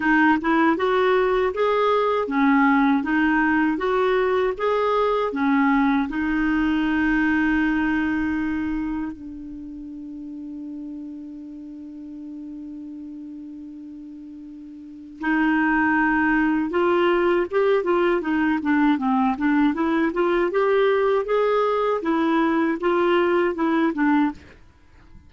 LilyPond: \new Staff \with { instrumentName = "clarinet" } { \time 4/4 \tempo 4 = 79 dis'8 e'8 fis'4 gis'4 cis'4 | dis'4 fis'4 gis'4 cis'4 | dis'1 | d'1~ |
d'1 | dis'2 f'4 g'8 f'8 | dis'8 d'8 c'8 d'8 e'8 f'8 g'4 | gis'4 e'4 f'4 e'8 d'8 | }